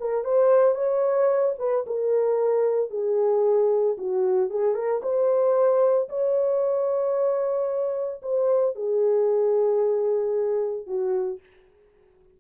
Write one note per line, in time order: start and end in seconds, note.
0.00 0.24 A#4
0.24 0.75 C5
0.75 1.54 C#5
1.58 1.85 B4
1.87 2.90 A#4
2.90 3.96 G#4
3.98 4.50 F#4
4.50 4.74 G#4
4.74 5.01 A#4
5.02 6.08 C5
6.09 8.21 C#5
8.22 8.75 C5
8.75 10.86 G#4
10.86 11.39 F#4